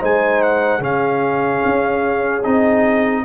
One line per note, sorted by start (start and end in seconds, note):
0.00 0.80 G#3
0.00 0.81 D#4
0.00 0.80 C5
0.00 0.42 G#5
0.42 0.83 F#5
0.80 1.61 C#3
0.80 2.43 C#4
0.80 3.23 G#4
0.80 2.44 F5
1.66 2.46 C#4
2.44 3.25 C4
2.44 3.25 D#4
2.44 3.25 D#5